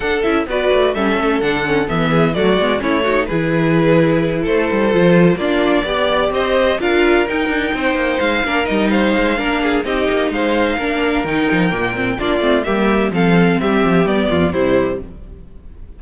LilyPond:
<<
  \new Staff \with { instrumentName = "violin" } { \time 4/4 \tempo 4 = 128 fis''8 e''8 d''4 e''4 fis''4 | e''4 d''4 cis''4 b'4~ | b'4. c''2 d''8~ | d''4. dis''4 f''4 g''8~ |
g''4. f''4 dis''8 f''4~ | f''4 dis''4 f''2 | g''2 d''4 e''4 | f''4 e''4 d''4 c''4 | }
  \new Staff \with { instrumentName = "violin" } { \time 4/4 a'4 b'4 a'2~ | a'8 gis'8 fis'4 e'8 fis'8 gis'4~ | gis'4. a'2 f'8~ | f'8 d''4 c''4 ais'4.~ |
ais'8 c''4. ais'4 c''4 | ais'8 gis'8 g'4 c''4 ais'4~ | ais'2 f'4 g'4 | a'4 g'4. f'8 e'4 | }
  \new Staff \with { instrumentName = "viola" } { \time 4/4 d'8 e'8 fis'4 cis'4 d'8 cis'8 | b4 a8 b8 cis'8 dis'8 e'4~ | e'2~ e'8 f'4 d'8~ | d'8 g'2 f'4 dis'8~ |
dis'2 d'8 dis'4. | d'4 dis'2 d'4 | dis'4 ais8 c'8 d'8 c'8 ais4 | c'2 b4 g4 | }
  \new Staff \with { instrumentName = "cello" } { \time 4/4 d'8 cis'8 b8 a8 g8 a8 d4 | e4 fis8 gis8 a4 e4~ | e4. a8 g8 f4 ais8~ | ais8 b4 c'4 d'4 dis'8 |
d'8 c'8 ais8 gis8 ais8 g4 gis8 | ais4 c'8 ais8 gis4 ais4 | dis8 f8 ais,4 ais8 a8 g4 | f4 g8 f8 g8 f,8 c4 | }
>>